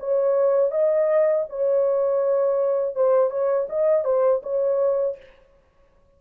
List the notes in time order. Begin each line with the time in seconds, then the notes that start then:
0.00 C#5
0.71 D#5
1.49 C#5
2.95 C5
3.30 C#5
3.69 D#5
4.04 C5
4.43 C#5